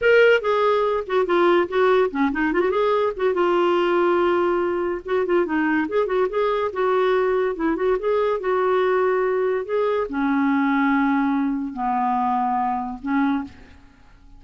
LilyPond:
\new Staff \with { instrumentName = "clarinet" } { \time 4/4 \tempo 4 = 143 ais'4 gis'4. fis'8 f'4 | fis'4 cis'8 dis'8 f'16 fis'16 gis'4 fis'8 | f'1 | fis'8 f'8 dis'4 gis'8 fis'8 gis'4 |
fis'2 e'8 fis'8 gis'4 | fis'2. gis'4 | cis'1 | b2. cis'4 | }